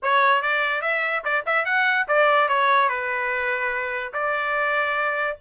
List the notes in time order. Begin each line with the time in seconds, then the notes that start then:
0.02 C#5
0.41 D5
0.81 E5
1.24 D5
1.46 E5
1.65 F#5
2.07 D5
2.48 C#5
2.88 B4
4.13 D5